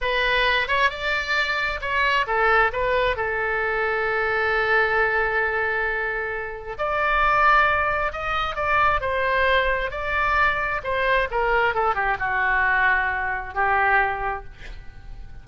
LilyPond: \new Staff \with { instrumentName = "oboe" } { \time 4/4 \tempo 4 = 133 b'4. cis''8 d''2 | cis''4 a'4 b'4 a'4~ | a'1~ | a'2. d''4~ |
d''2 dis''4 d''4 | c''2 d''2 | c''4 ais'4 a'8 g'8 fis'4~ | fis'2 g'2 | }